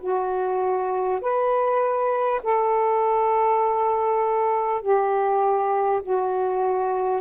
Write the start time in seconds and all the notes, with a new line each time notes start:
0.00 F#4
1.21 B4
2.43 A4
4.82 G4
6.02 F#4